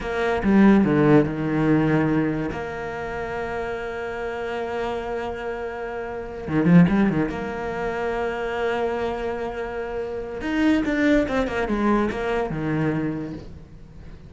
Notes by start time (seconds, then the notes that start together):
0.00 A#3
0.43 G3
0.84 D3
1.25 D#3
2.51 A#3
6.47 D#3
6.65 F3
6.88 G3
7.09 D#3
7.29 A#3
10.41 D#4
10.85 D4
11.27 C4
11.47 A#3
11.68 G#3
12.10 A#3
12.50 D#3